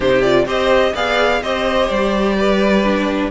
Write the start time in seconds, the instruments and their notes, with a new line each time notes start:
0.00 cello C3, viola D#4, violin G4 C5
0.22 viola F4, violin D5
0.45 cello C4, viola G4, violin C5 D#5
0.94 cello B3, viola G#4, violin D5 F5
1.42 cello C4, viola G4, violin C5 D#5
1.88 cello G3, violin D5
2.36 violin B4
2.83 viola D4